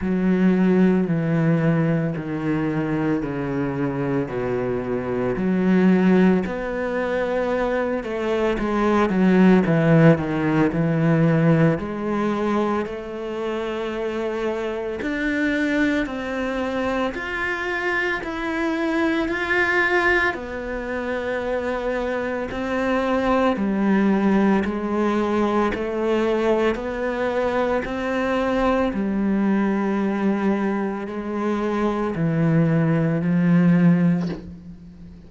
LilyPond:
\new Staff \with { instrumentName = "cello" } { \time 4/4 \tempo 4 = 56 fis4 e4 dis4 cis4 | b,4 fis4 b4. a8 | gis8 fis8 e8 dis8 e4 gis4 | a2 d'4 c'4 |
f'4 e'4 f'4 b4~ | b4 c'4 g4 gis4 | a4 b4 c'4 g4~ | g4 gis4 e4 f4 | }